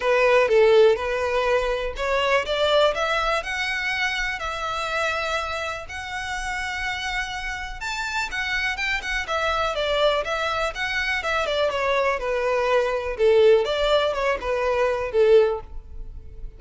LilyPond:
\new Staff \with { instrumentName = "violin" } { \time 4/4 \tempo 4 = 123 b'4 a'4 b'2 | cis''4 d''4 e''4 fis''4~ | fis''4 e''2. | fis''1 |
a''4 fis''4 g''8 fis''8 e''4 | d''4 e''4 fis''4 e''8 d''8 | cis''4 b'2 a'4 | d''4 cis''8 b'4. a'4 | }